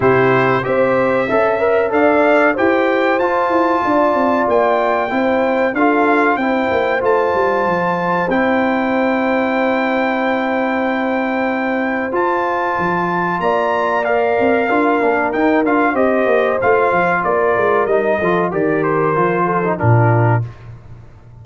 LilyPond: <<
  \new Staff \with { instrumentName = "trumpet" } { \time 4/4 \tempo 4 = 94 c''4 e''2 f''4 | g''4 a''2 g''4~ | g''4 f''4 g''4 a''4~ | a''4 g''2.~ |
g''2. a''4~ | a''4 ais''4 f''2 | g''8 f''8 dis''4 f''4 d''4 | dis''4 d''8 c''4. ais'4 | }
  \new Staff \with { instrumentName = "horn" } { \time 4/4 g'4 c''4 e''4 d''4 | c''2 d''2 | c''4 a'4 c''2~ | c''1~ |
c''1~ | c''4 d''2 ais'4~ | ais'4 c''2 ais'4~ | ais'8 a'8 ais'4. a'8 f'4 | }
  \new Staff \with { instrumentName = "trombone" } { \time 4/4 e'4 g'4 a'8 ais'8 a'4 | g'4 f'2. | e'4 f'4 e'4 f'4~ | f'4 e'2.~ |
e'2. f'4~ | f'2 ais'4 f'8 d'8 | dis'8 f'8 g'4 f'2 | dis'8 f'8 g'4 f'8. dis'16 d'4 | }
  \new Staff \with { instrumentName = "tuba" } { \time 4/4 c4 c'4 cis'4 d'4 | e'4 f'8 e'8 d'8 c'8 ais4 | c'4 d'4 c'8 ais8 a8 g8 | f4 c'2.~ |
c'2. f'4 | f4 ais4. c'8 d'8 ais8 | dis'8 d'8 c'8 ais8 a8 f8 ais8 gis8 | g8 f8 dis4 f4 ais,4 | }
>>